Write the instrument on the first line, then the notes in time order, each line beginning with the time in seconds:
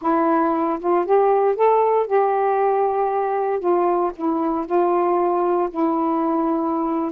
saxophone
0.01 E4
0.79 F4
1.05 G4
1.55 A4
2.06 G4
3.59 F4
4.16 E4
4.66 F4
5.70 E4